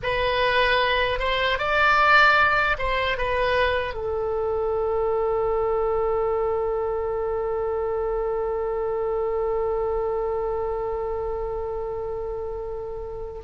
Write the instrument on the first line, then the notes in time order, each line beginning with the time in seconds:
oboe
0.03 B4
1.19 C5
1.58 D5
2.78 C5
3.17 B4
3.93 A4